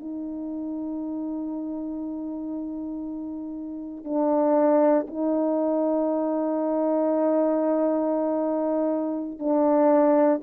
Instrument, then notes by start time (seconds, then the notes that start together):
horn
0.00 D#4
4.05 D4
5.08 D#4
9.40 D4